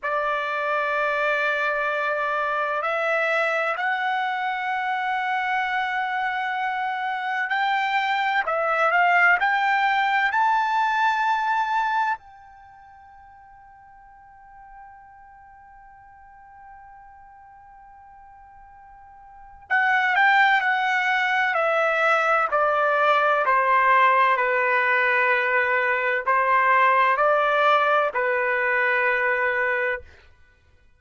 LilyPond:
\new Staff \with { instrumentName = "trumpet" } { \time 4/4 \tempo 4 = 64 d''2. e''4 | fis''1 | g''4 e''8 f''8 g''4 a''4~ | a''4 g''2.~ |
g''1~ | g''4 fis''8 g''8 fis''4 e''4 | d''4 c''4 b'2 | c''4 d''4 b'2 | }